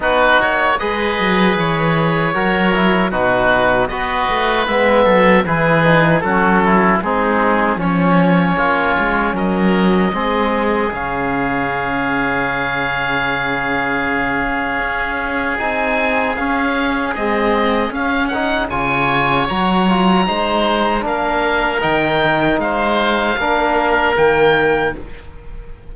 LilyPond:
<<
  \new Staff \with { instrumentName = "oboe" } { \time 4/4 \tempo 4 = 77 b'8 cis''8 dis''4 cis''2 | b'4 dis''4 e''4 b'4 | a'4 gis'4 cis''2 | dis''2 f''2~ |
f''1 | gis''4 f''4 dis''4 f''8 fis''8 | gis''4 ais''2 f''4 | g''4 f''2 g''4 | }
  \new Staff \with { instrumentName = "oboe" } { \time 4/4 fis'4 b'2 ais'4 | fis'4 b'4. a'8 gis'4 | fis'8 e'8 dis'4 cis'4 f'4 | ais'4 gis'2.~ |
gis'1~ | gis'1 | cis''2 c''4 ais'4~ | ais'4 c''4 ais'2 | }
  \new Staff \with { instrumentName = "trombone" } { \time 4/4 dis'4 gis'2 fis'8 e'8 | dis'4 fis'4 b4 e'8 dis'8 | cis'4 c'4 cis'2~ | cis'4 c'4 cis'2~ |
cis'1 | dis'4 cis'4 gis4 cis'8 dis'8 | f'4 fis'8 f'8 dis'4 d'4 | dis'2 d'4 ais4 | }
  \new Staff \with { instrumentName = "cello" } { \time 4/4 b8 ais8 gis8 fis8 e4 fis4 | b,4 b8 a8 gis8 fis8 e4 | fis4 gis4 f4 ais8 gis8 | fis4 gis4 cis2~ |
cis2. cis'4 | c'4 cis'4 c'4 cis'4 | cis4 fis4 gis4 ais4 | dis4 gis4 ais4 dis4 | }
>>